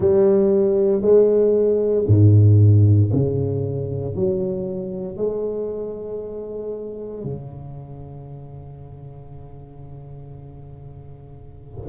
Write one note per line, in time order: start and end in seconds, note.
0.00 1.01 G3
1.01 2.05 G#3
2.07 3.10 G#2
3.12 4.15 C#3
4.15 5.17 F#3
5.17 7.24 G#3
7.24 11.89 C#3